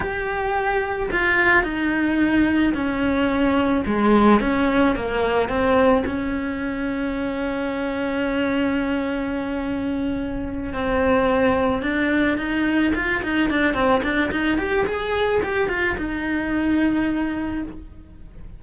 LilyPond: \new Staff \with { instrumentName = "cello" } { \time 4/4 \tempo 4 = 109 g'2 f'4 dis'4~ | dis'4 cis'2 gis4 | cis'4 ais4 c'4 cis'4~ | cis'1~ |
cis'2.~ cis'8 c'8~ | c'4. d'4 dis'4 f'8 | dis'8 d'8 c'8 d'8 dis'8 g'8 gis'4 | g'8 f'8 dis'2. | }